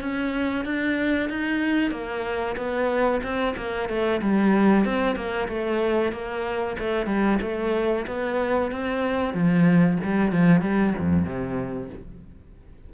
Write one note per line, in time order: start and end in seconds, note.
0.00 0.65 C#4
0.65 1.29 D4
1.29 1.91 D#4
1.91 2.55 A#3
2.56 3.21 B3
3.23 3.55 C4
3.56 3.89 A#3
3.89 4.21 A3
4.21 4.85 G3
4.85 5.15 C4
5.15 5.48 A#3
5.48 6.12 A3
6.12 6.76 A#3
6.79 7.06 A3
7.06 7.38 G3
7.41 8.06 A3
8.07 8.71 B3
8.71 9.33 C4
9.33 9.98 F3
10.03 10.31 G3
10.31 10.61 F3
10.61 10.93 G3
10.99 11.25 F2
11.25 11.89 C3